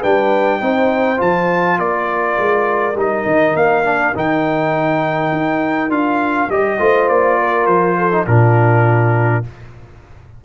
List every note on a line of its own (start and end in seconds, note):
0.00 0.62 G3
0.00 0.61 D4
0.00 0.59 B4
0.00 1.21 G5
0.61 1.20 C4
0.61 1.17 D#4
0.61 1.78 C5
1.17 1.79 F3
1.17 2.94 F4
1.17 1.79 A5
1.78 2.37 A#3
1.78 6.78 A#4
1.78 2.97 D5
2.38 2.95 G#3
2.95 3.24 G3
2.95 3.84 D#4
2.95 3.56 D#5
3.26 3.55 D#3
3.55 4.13 A#3
3.55 4.15 F5
3.84 4.14 D4
4.15 5.32 D#3
4.15 5.90 D#4
4.15 5.92 G5
5.32 5.89 D#4
5.89 6.48 D4
5.89 6.49 F4
5.89 6.50 F5
6.49 6.79 G3
6.49 6.79 G4
6.49 7.09 D#5
6.79 7.09 A3
6.79 8.11 F4
6.79 7.39 C5
7.09 7.67 A#3
7.09 7.66 D5
7.39 7.98 A#4
7.66 8.26 F3
7.66 8.25 C5
7.98 8.26 A4
8.11 8.26 D#4
8.26 9.45 A#2
8.26 9.44 D4
8.26 9.44 F4
8.26 9.44 A#4